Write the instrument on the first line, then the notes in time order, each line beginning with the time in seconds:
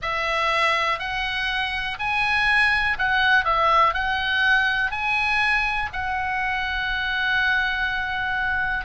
oboe
0.02 E5
0.99 F#5
1.99 G#5
2.98 F#5
3.44 E5
3.93 F#5
4.91 G#5
5.92 F#5